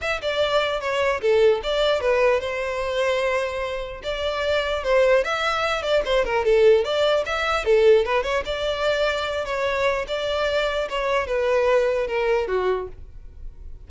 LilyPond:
\new Staff \with { instrumentName = "violin" } { \time 4/4 \tempo 4 = 149 e''8 d''4. cis''4 a'4 | d''4 b'4 c''2~ | c''2 d''2 | c''4 e''4. d''8 c''8 ais'8 |
a'4 d''4 e''4 a'4 | b'8 cis''8 d''2~ d''8 cis''8~ | cis''4 d''2 cis''4 | b'2 ais'4 fis'4 | }